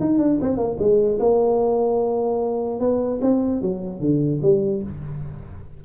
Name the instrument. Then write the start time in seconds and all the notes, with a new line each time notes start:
tuba
0.00 D#4
0.18 D4
0.41 C4
0.56 A#3
0.79 G#3
1.19 A#3
2.79 B3
3.21 C4
3.61 F#3
4.00 D3
4.42 G3